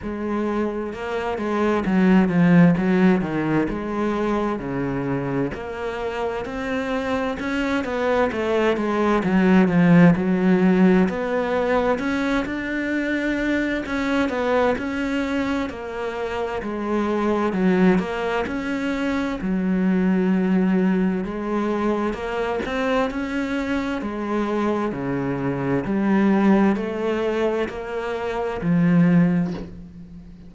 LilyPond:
\new Staff \with { instrumentName = "cello" } { \time 4/4 \tempo 4 = 65 gis4 ais8 gis8 fis8 f8 fis8 dis8 | gis4 cis4 ais4 c'4 | cis'8 b8 a8 gis8 fis8 f8 fis4 | b4 cis'8 d'4. cis'8 b8 |
cis'4 ais4 gis4 fis8 ais8 | cis'4 fis2 gis4 | ais8 c'8 cis'4 gis4 cis4 | g4 a4 ais4 f4 | }